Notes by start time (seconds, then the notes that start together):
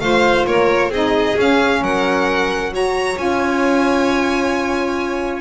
0.00 A3 F4 C5 F5
0.46 A#3 A#4 C#5
0.89 C4 D#4 G#4 D#5
1.37 C#4 F5
1.81 F#3 A#4 F#5
2.71 F#4 C#5 A#5
3.16 C#4 F4 G#5